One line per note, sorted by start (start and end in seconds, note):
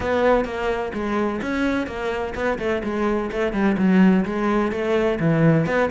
0.00 0.44 B3
0.44 0.92 A#3
0.93 1.40 G#3
1.41 1.86 C#4
1.86 2.33 A#3
2.35 2.58 B3
2.58 2.82 A3
2.83 3.30 G#3
3.31 3.52 A3
3.52 3.76 G3
3.77 4.24 F#3
4.25 4.71 G#3
4.71 5.18 A3
5.19 5.66 E3
5.66 5.89 B3